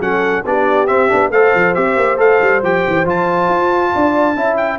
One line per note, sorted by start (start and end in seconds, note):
0.00 0.43 F#3
0.00 0.44 C#4
0.00 0.44 A4
0.00 0.45 F#5
0.46 0.89 B3
0.46 0.87 D4
0.46 1.32 G4
0.46 0.87 D5
0.87 1.09 C4
0.87 1.10 C4
0.87 1.31 E5
1.09 1.30 B3
1.09 1.31 D4
1.30 1.52 A3
1.30 1.75 A4
1.30 3.93 C5
1.30 1.75 F5
1.55 1.76 F3
1.75 1.97 C4
1.75 2.17 G4
1.75 2.18 E5
1.97 2.18 A#3
2.17 2.40 A3
2.17 2.61 A4
2.17 2.63 F5
2.42 2.63 G3
2.63 2.84 F3
2.63 3.06 G4
2.63 3.08 G5
2.88 3.05 E3
3.05 3.49 F3
3.05 4.36 F4
3.05 4.57 A5
3.49 3.92 F4
3.94 4.36 D4
3.94 4.38 D5
4.36 4.80 C#4
4.36 4.80 E4
4.36 4.80 E5
4.57 4.79 G5